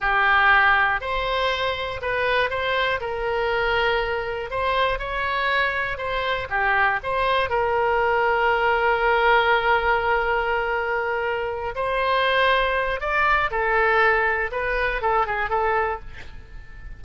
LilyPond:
\new Staff \with { instrumentName = "oboe" } { \time 4/4 \tempo 4 = 120 g'2 c''2 | b'4 c''4 ais'2~ | ais'4 c''4 cis''2 | c''4 g'4 c''4 ais'4~ |
ais'1~ | ais'2.~ ais'8 c''8~ | c''2 d''4 a'4~ | a'4 b'4 a'8 gis'8 a'4 | }